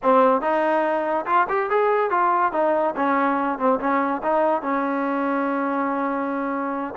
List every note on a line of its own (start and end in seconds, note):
0.02 0.41 C4
0.41 1.25 D#4
1.26 1.47 F4
1.48 1.70 G4
1.70 2.10 G#4
2.10 2.52 F4
2.52 2.94 D#4
2.96 3.58 C#4
3.58 3.79 C4
3.79 4.21 C#4
4.23 4.62 D#4
4.62 6.94 C#4